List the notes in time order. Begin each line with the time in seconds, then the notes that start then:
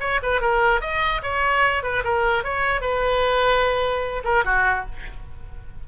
0.00 C#5
0.22 B4
0.41 A#4
0.81 D#5
1.23 C#5
1.83 B4
2.04 A#4
2.44 C#5
2.81 B4
4.24 A#4
4.44 F#4